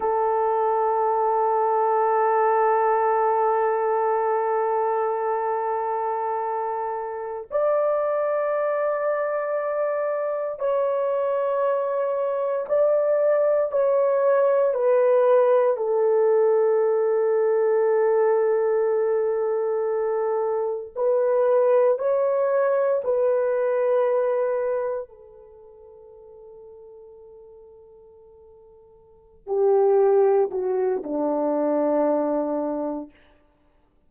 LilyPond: \new Staff \with { instrumentName = "horn" } { \time 4/4 \tempo 4 = 58 a'1~ | a'2.~ a'16 d''8.~ | d''2~ d''16 cis''4.~ cis''16~ | cis''16 d''4 cis''4 b'4 a'8.~ |
a'1~ | a'16 b'4 cis''4 b'4.~ b'16~ | b'16 a'2.~ a'8.~ | a'8 g'4 fis'8 d'2 | }